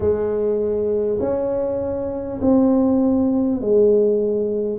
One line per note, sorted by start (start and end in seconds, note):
0.00 1.19 G#3
1.19 2.39 C#4
2.41 3.61 C4
3.61 4.79 G#3